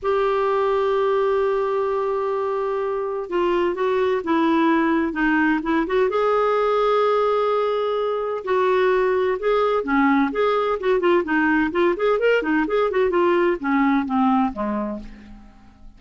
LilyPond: \new Staff \with { instrumentName = "clarinet" } { \time 4/4 \tempo 4 = 128 g'1~ | g'2. f'4 | fis'4 e'2 dis'4 | e'8 fis'8 gis'2.~ |
gis'2 fis'2 | gis'4 cis'4 gis'4 fis'8 f'8 | dis'4 f'8 gis'8 ais'8 dis'8 gis'8 fis'8 | f'4 cis'4 c'4 gis4 | }